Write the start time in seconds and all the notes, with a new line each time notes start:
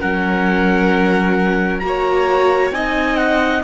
0.00 F#3 C#4 A#4 F#5
1.79 A#3 F#4 A#5
1.86 C#5
2.71 C4 D#4 D#5 G#5
3.16 F#5